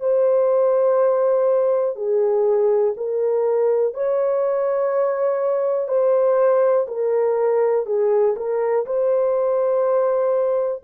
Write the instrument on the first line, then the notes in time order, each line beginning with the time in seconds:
horn
0.00 C5
1.95 G#4
2.96 A#4
3.94 C#5
5.88 C5
6.87 A#4
7.86 G#4
8.37 A#4
8.86 C5